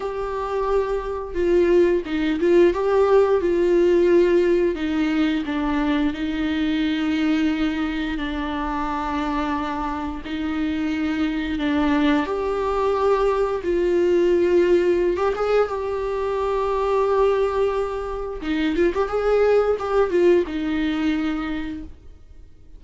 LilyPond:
\new Staff \with { instrumentName = "viola" } { \time 4/4 \tempo 4 = 88 g'2 f'4 dis'8 f'8 | g'4 f'2 dis'4 | d'4 dis'2. | d'2. dis'4~ |
dis'4 d'4 g'2 | f'2~ f'16 g'16 gis'8 g'4~ | g'2. dis'8 f'16 g'16 | gis'4 g'8 f'8 dis'2 | }